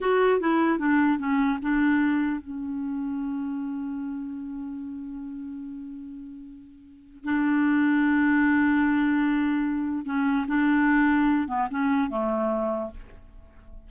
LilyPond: \new Staff \with { instrumentName = "clarinet" } { \time 4/4 \tempo 4 = 149 fis'4 e'4 d'4 cis'4 | d'2 cis'2~ | cis'1~ | cis'1~ |
cis'2 d'2~ | d'1~ | d'4 cis'4 d'2~ | d'8 b8 cis'4 a2 | }